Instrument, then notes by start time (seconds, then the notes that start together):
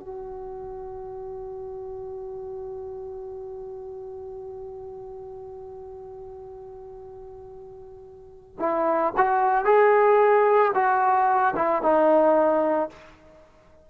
trombone
0.00 F#4
8.60 E4
9.17 F#4
9.65 G#4
10.74 F#4
11.56 E4
11.82 D#4